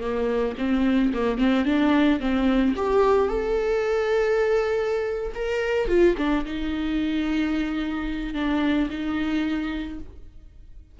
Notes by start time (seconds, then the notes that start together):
0.00 A#3
0.58 C4
1.13 A#3
1.38 C4
1.65 D4
2.20 C4
2.76 G4
3.28 A4
5.35 A#4
5.88 F4
6.17 D4
6.45 D#4
8.34 D4
8.90 D#4